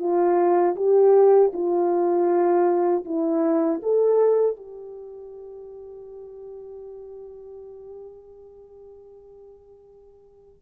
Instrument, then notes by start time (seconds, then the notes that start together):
horn
0.00 F4
0.76 G4
1.53 F4
3.05 E4
3.83 A4
4.57 G4